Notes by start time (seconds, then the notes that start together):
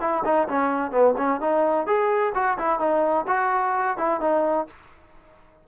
0.00 E4
0.24 D#4
0.48 C#4
0.91 B3
1.17 C#4
1.40 D#4
1.86 G#4
2.34 F#4
2.58 E4
2.79 D#4
3.27 F#4
3.97 E4
4.20 D#4